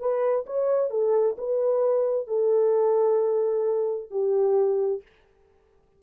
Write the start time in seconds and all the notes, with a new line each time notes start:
0.00 B4
0.46 C#5
0.91 A4
1.38 B4
2.28 A4
4.11 G4